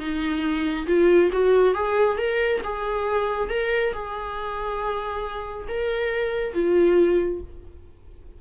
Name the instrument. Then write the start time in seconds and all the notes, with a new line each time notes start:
viola
0.00 D#4
0.87 F4
1.33 F#4
1.75 G#4
2.18 A#4
2.64 G#4
3.50 A#4
3.93 G#4
5.68 A#4
6.54 F4